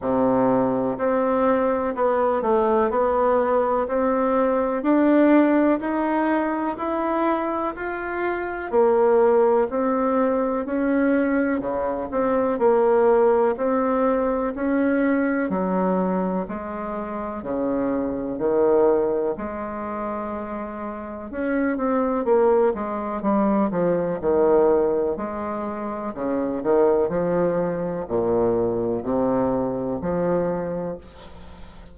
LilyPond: \new Staff \with { instrumentName = "bassoon" } { \time 4/4 \tempo 4 = 62 c4 c'4 b8 a8 b4 | c'4 d'4 dis'4 e'4 | f'4 ais4 c'4 cis'4 | cis8 c'8 ais4 c'4 cis'4 |
fis4 gis4 cis4 dis4 | gis2 cis'8 c'8 ais8 gis8 | g8 f8 dis4 gis4 cis8 dis8 | f4 ais,4 c4 f4 | }